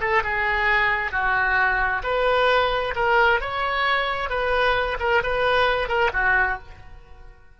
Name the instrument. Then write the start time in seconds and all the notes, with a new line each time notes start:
oboe
0.00 A4
0.23 G#4
1.11 F#4
2.03 B4
2.95 A#4
3.40 C#5
4.29 B4
4.99 A#4
5.23 B4
5.88 A#4
6.13 F#4